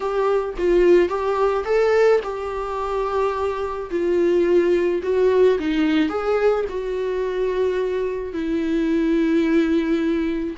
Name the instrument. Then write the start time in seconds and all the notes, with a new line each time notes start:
viola
0.00 G4
0.58 F4
1.08 G4
1.64 A4
2.23 G4
3.90 F4
5.03 F#4
5.59 D#4
6.09 G#4
6.69 F#4
8.33 E4